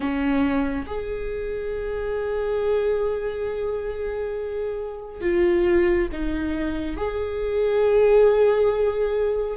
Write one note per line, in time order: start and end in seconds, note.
0.00 0.85 C#4
0.87 5.21 G#4
5.21 6.08 F4
6.11 6.96 D#4
6.96 9.57 G#4